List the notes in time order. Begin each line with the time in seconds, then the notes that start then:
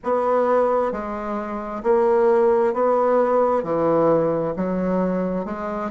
0.03 B3
0.92 G#3
1.83 A#3
2.73 B3
3.63 E3
4.56 F#3
5.45 G#3